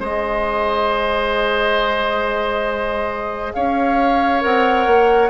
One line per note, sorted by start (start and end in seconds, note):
0.00 3.53 G#3
0.00 4.41 G#4
0.00 3.53 C5
0.00 3.54 D#5
3.54 4.44 C#4
3.54 5.30 C#5
3.54 4.42 F5
4.41 4.87 C4
4.41 5.29 A#4
4.41 5.30 F#5
4.87 5.30 A#3